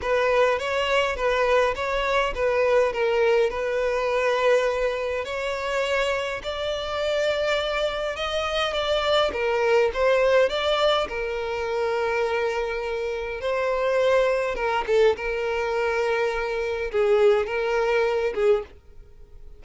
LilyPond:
\new Staff \with { instrumentName = "violin" } { \time 4/4 \tempo 4 = 103 b'4 cis''4 b'4 cis''4 | b'4 ais'4 b'2~ | b'4 cis''2 d''4~ | d''2 dis''4 d''4 |
ais'4 c''4 d''4 ais'4~ | ais'2. c''4~ | c''4 ais'8 a'8 ais'2~ | ais'4 gis'4 ais'4. gis'8 | }